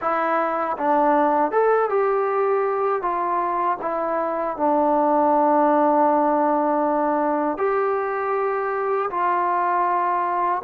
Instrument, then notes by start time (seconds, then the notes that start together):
trombone
0.01 E4
0.77 D4
1.51 A4
1.90 G4
3.01 F4
3.81 E4
4.56 D4
7.57 G4
9.10 F4